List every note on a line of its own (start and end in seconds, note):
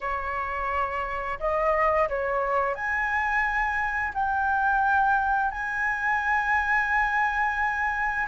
0.01 1.39 C#5
1.39 2.08 D#5
2.08 2.74 C#5
2.74 4.12 G#5
4.13 5.51 G5
5.51 8.27 G#5